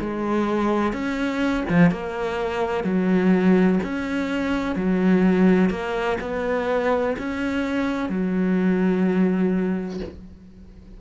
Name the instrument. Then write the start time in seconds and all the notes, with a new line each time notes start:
cello
0.00 G#3
0.93 C#4
1.69 F3
1.91 A#3
2.84 F#3
3.84 C#4
4.76 F#3
5.70 A#3
6.21 B3
7.18 C#4
8.10 F#3